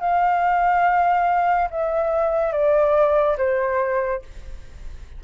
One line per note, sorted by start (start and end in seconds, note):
0.00 1.69 F5
1.71 2.52 E5
2.52 3.37 D5
3.37 4.22 C5